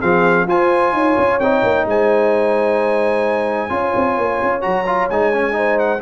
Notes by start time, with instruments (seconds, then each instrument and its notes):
0.00 tuba F3, trombone C4, horn G#4, trumpet F5
0.47 tuba F4, trombone F4, horn C5, trumpet G#5
0.93 tuba D#4, horn C#5
1.18 tuba C#4
1.39 tuba C4, trombone D#4, trumpet G5
1.64 tuba A#3
1.86 tuba G#3, horn C5, trumpet G#5
3.69 tuba C#4, trombone F4, horn C#5
3.96 tuba C4
4.18 tuba A#3
4.42 tuba C#4
4.61 tuba F#3, trombone F#4, trumpet A#5
4.86 trombone F4
5.10 tuba G#3, trombone D#4, trumpet G#5
5.33 trombone C#4
5.52 trombone D#4, horn C5
5.79 trumpet F#5